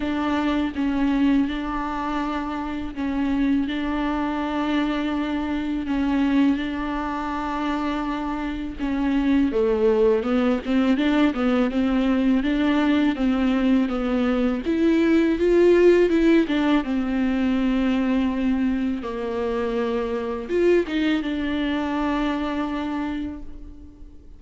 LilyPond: \new Staff \with { instrumentName = "viola" } { \time 4/4 \tempo 4 = 82 d'4 cis'4 d'2 | cis'4 d'2. | cis'4 d'2. | cis'4 a4 b8 c'8 d'8 b8 |
c'4 d'4 c'4 b4 | e'4 f'4 e'8 d'8 c'4~ | c'2 ais2 | f'8 dis'8 d'2. | }